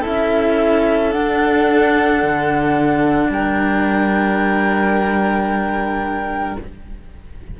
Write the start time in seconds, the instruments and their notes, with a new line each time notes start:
0.00 cello C#4 E4, violin A4
0.06 flute E5
1.11 cello D4, flute F#5
2.23 cello D3
3.29 cello G3, violin A#4, flute G5